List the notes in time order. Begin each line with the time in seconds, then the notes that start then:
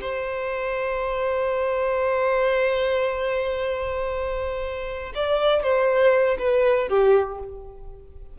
0.00 C5
5.15 D5
5.62 C5
6.38 B4
6.88 G4